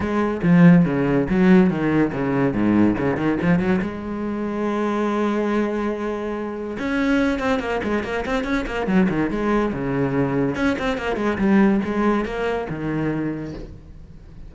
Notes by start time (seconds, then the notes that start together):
0.00 G#3
0.42 F3
0.85 C#3
1.29 F#3
1.70 D#3
2.12 C#3
2.53 G#2
2.98 C#3
3.17 D#3
3.41 F3
3.59 F#3
3.81 G#3
6.78 C#4
7.39 C4
7.59 A#3
7.83 G#3
8.03 A#3
8.25 C4
8.44 C#4
8.66 A#3
8.86 F#3
9.09 D#3
9.30 G#3
9.73 C#3
10.55 C#4
10.78 C4
10.97 A#3
11.16 G#3
11.38 G3
11.84 G#3
12.25 A#3
12.69 D#3